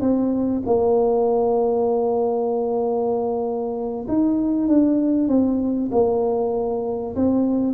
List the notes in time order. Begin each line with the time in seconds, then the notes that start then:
0.00 C4
0.66 A#3
4.08 D#4
4.68 D4
5.28 C4
5.91 A#3
7.15 C4